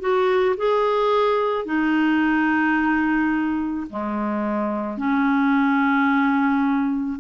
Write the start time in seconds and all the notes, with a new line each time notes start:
0.00 F#4
0.57 G#4
1.65 D#4
3.90 G#3
4.97 C#4